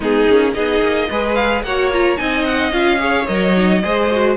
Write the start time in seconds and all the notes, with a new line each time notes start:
0.00 G#3 B3 D#4 G#4
0.28 A#3 C#4
0.53 B3 D#4 G#4 D#5
0.81 A#3
1.09 G#3 G#4 B4
1.34 F5
1.62 A#3 F#4 C#5 F#5
1.92 F4 A#5
2.16 C4 D#4 D#5 G#5
2.45 F#5
2.71 C#4 F4 F5
2.98 G#4 C#5
3.26 F#3 A#4 D#5
3.55 D#4
3.82 G#3 G#4 C5
4.11 F#4